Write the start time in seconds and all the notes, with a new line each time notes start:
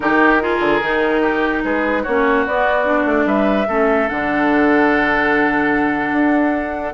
0.00 D#3 D#4 G4 A#4
0.40 F4 G#4
0.59 D3
0.81 D#3 D#4
1.21 G4
1.64 G#3 G#4 B4
2.02 A#3 C#4 F#4 C#5
2.46 B3 D5
2.84 D4
3.05 A3
3.25 G3 B4 E5
3.67 A3 C#4 A4
4.08 D3 D4 F#5
6.11 D4